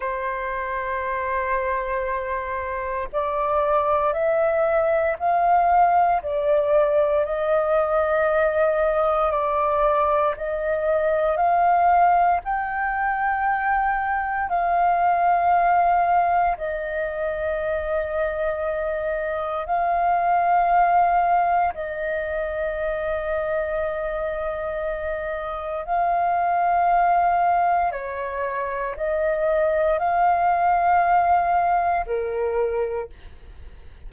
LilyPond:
\new Staff \with { instrumentName = "flute" } { \time 4/4 \tempo 4 = 58 c''2. d''4 | e''4 f''4 d''4 dis''4~ | dis''4 d''4 dis''4 f''4 | g''2 f''2 |
dis''2. f''4~ | f''4 dis''2.~ | dis''4 f''2 cis''4 | dis''4 f''2 ais'4 | }